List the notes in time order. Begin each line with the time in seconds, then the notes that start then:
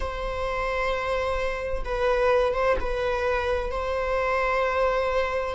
0.00 C5
1.84 B4
2.53 C5
2.79 B4
3.70 C5